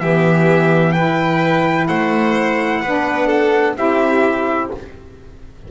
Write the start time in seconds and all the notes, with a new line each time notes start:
0.00 E3 B3 G4 E5
0.93 E4 B4 G5
1.88 A3 C5 F#5
2.82 B3 D4 B4
3.27 A4
3.77 C4 E4 G4 E5